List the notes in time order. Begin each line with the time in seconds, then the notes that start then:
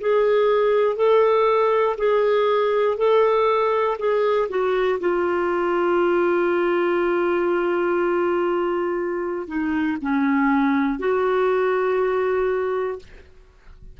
0.00 G#4
0.96 A4
1.98 G#4
2.97 A4
3.99 G#4
4.50 F#4
5.00 F4
9.48 D#4
10.02 C#4
10.99 F#4